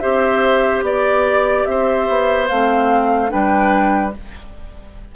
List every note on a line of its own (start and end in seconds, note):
0.00 0.83 C4
0.00 2.48 G4
0.00 0.84 C5
0.00 0.82 E5
0.83 1.65 B3
0.83 1.66 D5
0.83 1.69 D5
1.66 2.09 C4
1.66 3.32 C5
1.66 2.48 E5
2.09 2.50 B3
2.48 3.33 A3
2.48 3.29 C4
2.48 3.31 F5
3.29 4.16 G3
3.29 4.11 D4
3.29 4.14 B4
3.29 4.13 G5